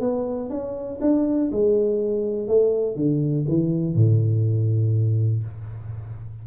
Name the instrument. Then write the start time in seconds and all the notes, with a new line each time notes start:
tuba
0.00 B3
0.50 C#4
1.01 D4
1.52 G#3
2.47 A3
2.96 D3
3.48 E3
3.95 A2